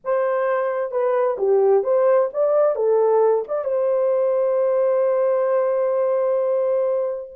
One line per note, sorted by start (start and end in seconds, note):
0.04 0.91 C5
0.91 1.36 B4
1.38 1.83 G4
1.83 2.29 C5
2.33 2.75 D5
2.75 3.44 A4
3.48 3.64 D5
3.64 7.31 C5